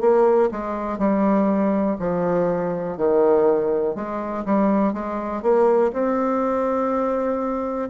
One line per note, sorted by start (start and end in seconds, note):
0.00 0.49 A#3
0.51 0.98 G#3
0.98 1.97 G3
1.99 2.97 F3
2.97 3.95 D#3
3.95 4.44 G#3
4.45 4.93 G3
4.93 5.42 G#3
5.42 5.92 A#3
5.92 7.89 C4